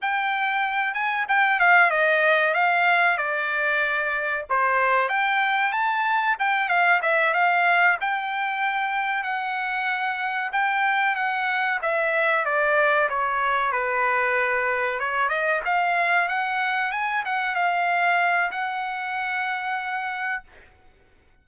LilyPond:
\new Staff \with { instrumentName = "trumpet" } { \time 4/4 \tempo 4 = 94 g''4. gis''8 g''8 f''8 dis''4 | f''4 d''2 c''4 | g''4 a''4 g''8 f''8 e''8 f''8~ | f''8 g''2 fis''4.~ |
fis''8 g''4 fis''4 e''4 d''8~ | d''8 cis''4 b'2 cis''8 | dis''8 f''4 fis''4 gis''8 fis''8 f''8~ | f''4 fis''2. | }